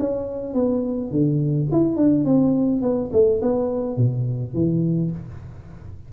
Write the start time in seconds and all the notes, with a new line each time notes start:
0.00 C#4
0.55 B3
1.11 D3
1.72 E4
1.97 D4
2.25 C4
2.82 B3
3.13 A3
3.42 B3
3.97 B2
4.54 E3